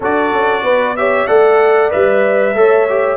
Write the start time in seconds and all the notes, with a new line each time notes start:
0.00 D4 F#4 A4 D5
0.32 C#4
0.62 B3 B4
0.96 G4 C#5 E5
1.27 A3 A4 D5 F#5
1.91 G3 B4 E5
2.54 A3 A4 C#5
2.89 G4